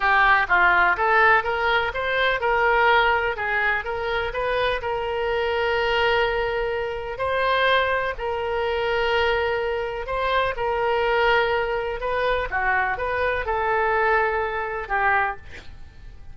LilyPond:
\new Staff \with { instrumentName = "oboe" } { \time 4/4 \tempo 4 = 125 g'4 f'4 a'4 ais'4 | c''4 ais'2 gis'4 | ais'4 b'4 ais'2~ | ais'2. c''4~ |
c''4 ais'2.~ | ais'4 c''4 ais'2~ | ais'4 b'4 fis'4 b'4 | a'2. g'4 | }